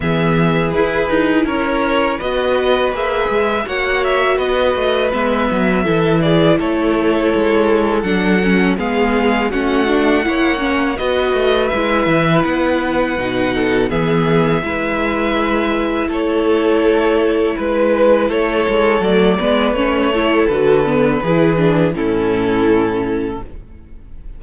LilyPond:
<<
  \new Staff \with { instrumentName = "violin" } { \time 4/4 \tempo 4 = 82 e''4 b'4 cis''4 dis''4 | e''4 fis''8 e''8 dis''4 e''4~ | e''8 d''8 cis''2 fis''4 | f''4 fis''2 dis''4 |
e''4 fis''2 e''4~ | e''2 cis''2 | b'4 cis''4 d''4 cis''4 | b'2 a'2 | }
  \new Staff \with { instrumentName = "violin" } { \time 4/4 gis'2 ais'4 b'4~ | b'4 cis''4 b'2 | a'8 gis'8 a'2. | gis'4 fis'4 cis''4 b'4~ |
b'2~ b'8 a'8 gis'4 | b'2 a'2 | b'4 a'4. b'4 a'8~ | a'4 gis'4 e'2 | }
  \new Staff \with { instrumentName = "viola" } { \time 4/4 b4 e'2 fis'4 | gis'4 fis'2 b4 | e'2. d'8 cis'8 | b4 cis'8 d'8 e'8 cis'8 fis'4 |
e'2 dis'4 b4 | e'1~ | e'2 a8 b8 cis'8 e'8 | fis'8 b8 e'8 d'8 cis'2 | }
  \new Staff \with { instrumentName = "cello" } { \time 4/4 e4 e'8 dis'8 cis'4 b4 | ais8 gis8 ais4 b8 a8 gis8 fis8 | e4 a4 gis4 fis4 | gis4 a4 ais4 b8 a8 |
gis8 e8 b4 b,4 e4 | gis2 a2 | gis4 a8 gis8 fis8 gis8 a4 | d4 e4 a,2 | }
>>